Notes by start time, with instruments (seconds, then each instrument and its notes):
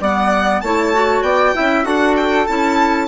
0.00 bassoon G3, clarinet B3, flute D5, violin F#5
0.61 bassoon A3, clarinet E4, flute C#5, violin A5
0.94 clarinet F#4
1.22 bassoon B3, flute D5, violin G5
1.54 bassoon C#4, clarinet E4, flute E5
1.84 bassoon D4, clarinet F#4, flute A4, violin F#5
2.16 violin G5
2.47 bassoon C#4, clarinet E4, violin A5